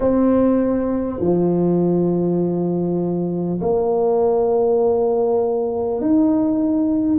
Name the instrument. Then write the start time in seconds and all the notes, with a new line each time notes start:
tuba
0.00 C4
1.20 F3
3.61 A#3
6.01 D#4